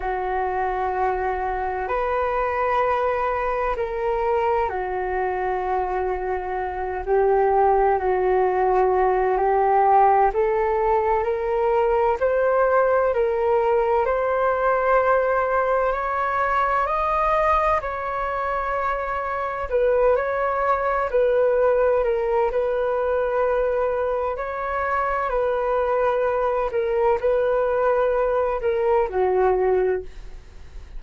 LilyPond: \new Staff \with { instrumentName = "flute" } { \time 4/4 \tempo 4 = 64 fis'2 b'2 | ais'4 fis'2~ fis'8 g'8~ | g'8 fis'4. g'4 a'4 | ais'4 c''4 ais'4 c''4~ |
c''4 cis''4 dis''4 cis''4~ | cis''4 b'8 cis''4 b'4 ais'8 | b'2 cis''4 b'4~ | b'8 ais'8 b'4. ais'8 fis'4 | }